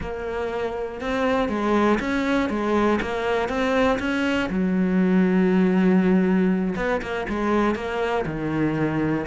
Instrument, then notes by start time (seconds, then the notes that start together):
cello
0.00 A#3
1.00 C4
1.48 G#3
2.00 C#4
2.49 G#3
3.01 A#3
3.48 C4
3.99 C#4
4.49 F#3
6.76 B3
7.01 A#3
7.28 G#3
7.75 A#3
8.26 D#3